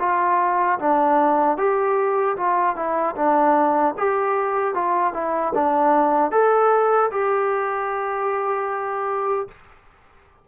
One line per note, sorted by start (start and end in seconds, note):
0.00 0.79 F4
0.79 1.58 D4
1.58 2.36 G4
2.37 2.76 F4
2.76 3.15 E4
3.16 3.95 D4
3.98 4.75 G4
4.75 5.14 F4
5.14 5.53 E4
5.55 6.32 D4
6.32 7.11 A4
7.11 9.48 G4